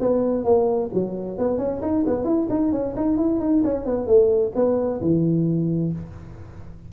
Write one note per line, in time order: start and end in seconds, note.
0.00 0.44 B3
0.44 0.90 A#3
0.93 1.38 F#3
1.38 1.58 B3
1.58 1.81 C#4
1.82 2.05 D#4
2.06 2.24 B3
2.24 2.47 E4
2.50 2.72 D#4
2.72 2.95 C#4
2.96 3.17 D#4
3.17 3.40 E4
3.40 3.63 D#4
3.64 3.85 C#4
3.85 4.07 B3
4.07 4.52 A3
4.55 5.01 B3
5.01 5.92 E3